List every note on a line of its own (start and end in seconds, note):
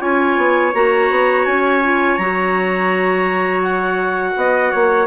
0.00 0.38 C#4
0.00 0.72 F4
0.00 4.36 C#5
0.00 0.73 G#5
0.38 0.74 B3
0.75 1.10 A#3
0.75 1.83 F#4
0.75 1.45 A#5
1.10 1.46 B3
1.45 2.19 C#4
1.45 2.18 G#5
1.83 2.20 F4
2.18 4.35 F#3
2.18 5.07 F#4
2.18 3.62 A#5
3.63 5.07 F#5
4.36 4.73 B3
4.36 4.72 D#5
4.72 5.07 A#3
4.72 5.07 C#5